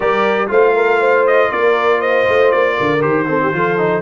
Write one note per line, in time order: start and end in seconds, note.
0.00 0.49 G3
0.00 0.47 G4
0.00 0.50 A#4
0.00 0.50 D5
0.47 1.50 A3
0.47 2.99 F4
0.47 0.75 C5
0.47 1.26 F5
0.75 0.99 A#4
0.99 1.50 C5
1.26 1.51 D#5
1.51 2.27 A#3
1.51 1.99 A#4
1.51 2.01 D5
1.99 2.75 C5
1.99 2.51 D#5
2.27 2.53 A3
2.51 2.78 A#3
2.51 3.01 D5
2.77 3.04 D3
2.77 3.27 A#4
3.00 3.53 D#3
3.00 3.26 G4
3.00 4.02 C5
3.27 3.52 C4
3.27 3.41 A4
3.42 3.54 G4
3.53 4.02 F3
3.53 3.78 F4
3.53 4.02 A4
3.78 4.02 D#4